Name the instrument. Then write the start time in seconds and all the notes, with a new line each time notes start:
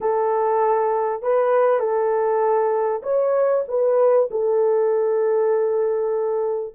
horn
0.00 A4
1.22 B4
1.79 A4
3.03 C#5
3.67 B4
4.30 A4